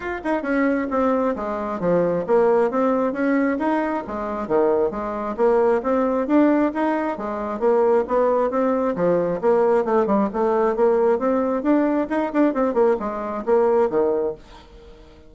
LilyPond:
\new Staff \with { instrumentName = "bassoon" } { \time 4/4 \tempo 4 = 134 f'8 dis'8 cis'4 c'4 gis4 | f4 ais4 c'4 cis'4 | dis'4 gis4 dis4 gis4 | ais4 c'4 d'4 dis'4 |
gis4 ais4 b4 c'4 | f4 ais4 a8 g8 a4 | ais4 c'4 d'4 dis'8 d'8 | c'8 ais8 gis4 ais4 dis4 | }